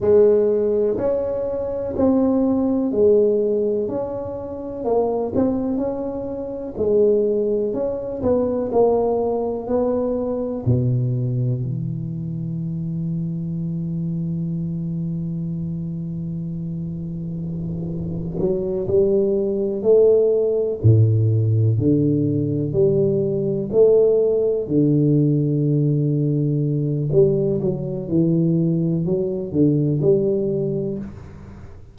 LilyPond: \new Staff \with { instrumentName = "tuba" } { \time 4/4 \tempo 4 = 62 gis4 cis'4 c'4 gis4 | cis'4 ais8 c'8 cis'4 gis4 | cis'8 b8 ais4 b4 b,4 | e1~ |
e2. fis8 g8~ | g8 a4 a,4 d4 g8~ | g8 a4 d2~ d8 | g8 fis8 e4 fis8 d8 g4 | }